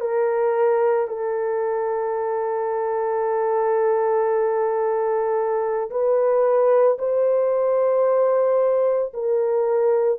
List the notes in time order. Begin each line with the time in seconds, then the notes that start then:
0.00 A#4
1.08 A4
5.90 B4
6.98 C5
9.13 A#4